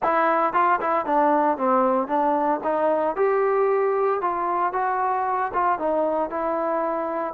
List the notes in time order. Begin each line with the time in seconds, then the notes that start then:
0.03 E4
0.53 F4
0.80 E4
1.05 D4
1.57 C4
2.07 D4
2.63 D#4
3.16 G4
4.21 F4
4.72 F#4
5.53 F4
5.78 D#4
6.29 E4